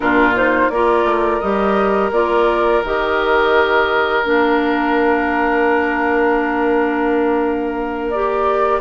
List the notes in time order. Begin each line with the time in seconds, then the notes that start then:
0.00 A#2 D4 F4 A#4
0.35 D#4 C5
0.69 A#3 F4 A#4 D5
1.04 A3
1.39 G3 G4 D#5
2.11 A#3 F4 D5
2.83 D#3 G4 D#5
4.24 A#3 D4 F5
8.10 G4 D5